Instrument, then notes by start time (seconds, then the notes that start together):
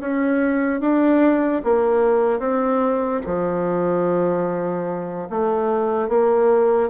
bassoon
0.00 C#4
0.80 D4
1.64 A#3
2.39 C4
3.25 F3
5.30 A3
6.08 A#3